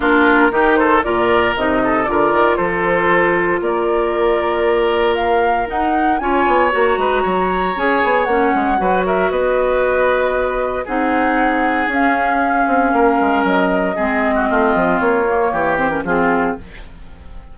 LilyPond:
<<
  \new Staff \with { instrumentName = "flute" } { \time 4/4 \tempo 4 = 116 ais'4. c''8 d''4 dis''4 | d''4 c''2 d''4~ | d''2 f''4 fis''4 | gis''4 ais''2 gis''4 |
fis''4. e''8 dis''2~ | dis''4 fis''2 f''4~ | f''2 dis''2~ | dis''4 cis''4. c''16 ais'16 gis'4 | }
  \new Staff \with { instrumentName = "oboe" } { \time 4/4 f'4 g'8 a'8 ais'4. a'8 | ais'4 a'2 ais'4~ | ais'1 | cis''4. b'8 cis''2~ |
cis''4 b'8 ais'8 b'2~ | b'4 gis'2.~ | gis'4 ais'2 gis'8. fis'16 | f'2 g'4 f'4 | }
  \new Staff \with { instrumentName = "clarinet" } { \time 4/4 d'4 dis'4 f'4 dis'4 | f'1~ | f'2. dis'4 | f'4 fis'2 gis'4 |
cis'4 fis'2.~ | fis'4 dis'2 cis'4~ | cis'2. c'4~ | c'4. ais4 c'16 cis'16 c'4 | }
  \new Staff \with { instrumentName = "bassoon" } { \time 4/4 ais4 dis4 ais,4 c4 | d8 dis8 f2 ais4~ | ais2. dis'4 | cis'8 b8 ais8 gis8 fis4 cis'8 b8 |
ais8 gis8 fis4 b2~ | b4 c'2 cis'4~ | cis'8 c'8 ais8 gis8 fis4 gis4 | a8 f8 ais4 e4 f4 | }
>>